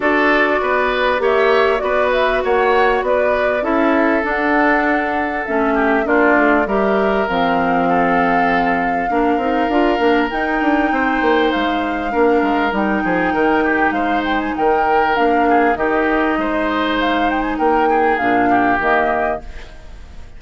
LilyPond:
<<
  \new Staff \with { instrumentName = "flute" } { \time 4/4 \tempo 4 = 99 d''2 e''4 d''8 e''8 | fis''4 d''4 e''4 fis''4~ | fis''4 e''4 d''4 e''4 | f''1~ |
f''4 g''2 f''4~ | f''4 g''2 f''8 g''16 gis''16 | g''4 f''4 dis''2 | f''8 g''16 gis''16 g''4 f''4 dis''4 | }
  \new Staff \with { instrumentName = "oboe" } { \time 4/4 a'4 b'4 cis''4 b'4 | cis''4 b'4 a'2~ | a'4. g'8 f'4 ais'4~ | ais'4 a'2 ais'4~ |
ais'2 c''2 | ais'4. gis'8 ais'8 g'8 c''4 | ais'4. gis'8 g'4 c''4~ | c''4 ais'8 gis'4 g'4. | }
  \new Staff \with { instrumentName = "clarinet" } { \time 4/4 fis'2 g'4 fis'4~ | fis'2 e'4 d'4~ | d'4 cis'4 d'4 g'4 | c'2. d'8 dis'8 |
f'8 d'8 dis'2. | d'4 dis'2.~ | dis'4 d'4 dis'2~ | dis'2 d'4 ais4 | }
  \new Staff \with { instrumentName = "bassoon" } { \time 4/4 d'4 b4 ais4 b4 | ais4 b4 cis'4 d'4~ | d'4 a4 ais8 a8 g4 | f2. ais8 c'8 |
d'8 ais8 dis'8 d'8 c'8 ais8 gis4 | ais8 gis8 g8 f8 dis4 gis4 | dis4 ais4 dis4 gis4~ | gis4 ais4 ais,4 dis4 | }
>>